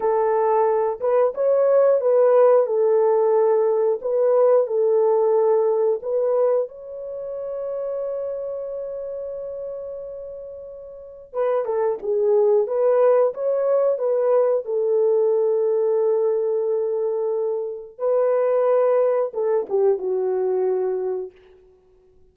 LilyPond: \new Staff \with { instrumentName = "horn" } { \time 4/4 \tempo 4 = 90 a'4. b'8 cis''4 b'4 | a'2 b'4 a'4~ | a'4 b'4 cis''2~ | cis''1~ |
cis''4 b'8 a'8 gis'4 b'4 | cis''4 b'4 a'2~ | a'2. b'4~ | b'4 a'8 g'8 fis'2 | }